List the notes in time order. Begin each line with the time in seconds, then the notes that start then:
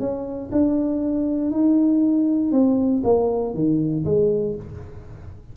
0.00 C#4
0.52 D4
1.51 D#4
2.52 C4
3.04 A#3
3.54 D#3
4.05 G#3